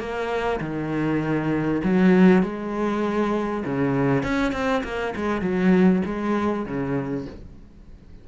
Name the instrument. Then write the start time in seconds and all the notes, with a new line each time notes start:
cello
0.00 A#3
0.61 D#3
1.85 F#3
2.43 G#3
3.66 C#3
4.23 C#4
4.53 C4
4.85 A#3
5.16 G#3
5.42 F#3
6.06 G#3
6.66 C#3